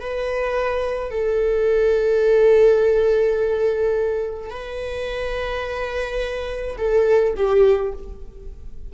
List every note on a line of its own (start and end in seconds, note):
0.00 1.11 B4
1.11 4.50 A4
4.50 6.76 B4
6.78 7.34 A4
7.36 7.92 G4